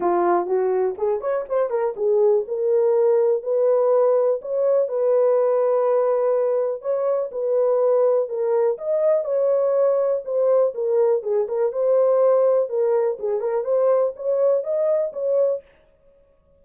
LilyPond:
\new Staff \with { instrumentName = "horn" } { \time 4/4 \tempo 4 = 123 f'4 fis'4 gis'8 cis''8 c''8 ais'8 | gis'4 ais'2 b'4~ | b'4 cis''4 b'2~ | b'2 cis''4 b'4~ |
b'4 ais'4 dis''4 cis''4~ | cis''4 c''4 ais'4 gis'8 ais'8 | c''2 ais'4 gis'8 ais'8 | c''4 cis''4 dis''4 cis''4 | }